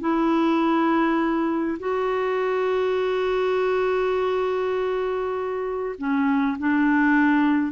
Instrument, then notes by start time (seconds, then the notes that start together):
clarinet
0.00 E4
1.79 F#4
5.98 C#4
6.58 D4